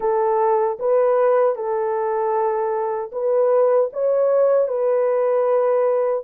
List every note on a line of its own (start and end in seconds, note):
0.00 0.78 A4
0.79 1.55 B4
1.55 3.11 A4
3.12 3.90 B4
3.92 4.68 C#5
4.68 6.23 B4